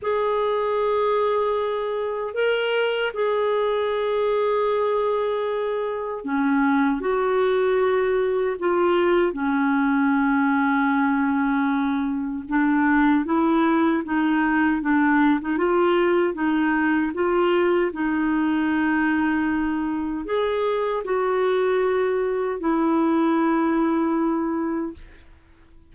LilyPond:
\new Staff \with { instrumentName = "clarinet" } { \time 4/4 \tempo 4 = 77 gis'2. ais'4 | gis'1 | cis'4 fis'2 f'4 | cis'1 |
d'4 e'4 dis'4 d'8. dis'16 | f'4 dis'4 f'4 dis'4~ | dis'2 gis'4 fis'4~ | fis'4 e'2. | }